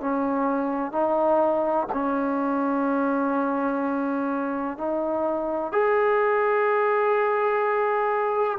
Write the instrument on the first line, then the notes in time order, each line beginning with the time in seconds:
trombone
0.00 C#4
0.92 D#4
1.93 C#4
4.77 D#4
5.72 G#4